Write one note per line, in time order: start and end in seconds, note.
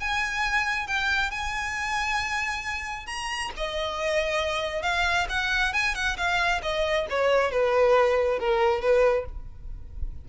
0.00 0.87 G#5
0.87 1.31 G5
1.31 3.06 G#5
3.06 3.51 A#5
3.57 4.82 D#5
4.82 5.27 F5
5.29 5.73 F#5
5.73 5.95 G#5
5.95 6.17 F#5
6.17 6.61 F5
6.63 7.07 D#5
7.10 7.51 C#5
7.51 8.39 B4
8.39 8.81 A#4
8.81 9.25 B4